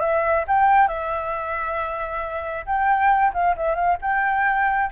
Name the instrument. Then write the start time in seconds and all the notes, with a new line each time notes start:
flute
0.00 E5
0.47 G5
0.88 E5
2.66 G5
3.33 F5
3.56 E5
3.75 F5
4.01 G5